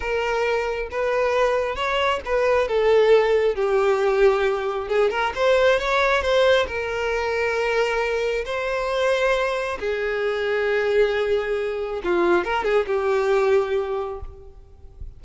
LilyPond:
\new Staff \with { instrumentName = "violin" } { \time 4/4 \tempo 4 = 135 ais'2 b'2 | cis''4 b'4 a'2 | g'2. gis'8 ais'8 | c''4 cis''4 c''4 ais'4~ |
ais'2. c''4~ | c''2 gis'2~ | gis'2. f'4 | ais'8 gis'8 g'2. | }